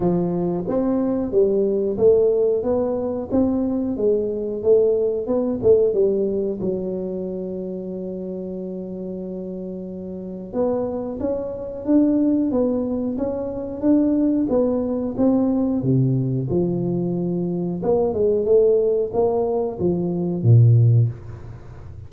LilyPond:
\new Staff \with { instrumentName = "tuba" } { \time 4/4 \tempo 4 = 91 f4 c'4 g4 a4 | b4 c'4 gis4 a4 | b8 a8 g4 fis2~ | fis1 |
b4 cis'4 d'4 b4 | cis'4 d'4 b4 c'4 | c4 f2 ais8 gis8 | a4 ais4 f4 ais,4 | }